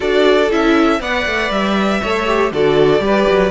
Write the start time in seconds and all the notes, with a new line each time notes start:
0.00 D4 F#4 A4 D5
0.50 C#4 E4 E5
1.00 B3 B4 D5 F#5
1.25 A3
1.50 G3 E5
2.01 A3 A4 C#5
2.26 G4
2.51 D3 F#4 A4 D5
2.99 G3 G4 B4
3.29 F#3